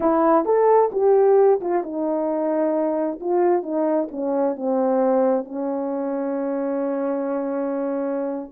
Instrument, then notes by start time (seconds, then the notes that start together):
horn
0.00 E4
0.45 A4
0.92 G4
1.60 F4
1.83 D#4
3.20 F4
3.63 D#4
4.11 C#4
4.56 C4
5.44 C#4